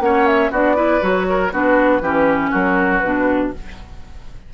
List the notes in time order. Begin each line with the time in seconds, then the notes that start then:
0.00 A#3 C#4 C#5 F#5
0.27 E5
0.51 B3 D4 F#4 D5
0.76 E4 B4
1.01 F#3 F#4 C#5
1.29 A#4
1.52 B3 D4 F#4 B4
2.01 E3 C#4 G4
2.51 F#3 F#4 A#4
2.99 B2 D4 B4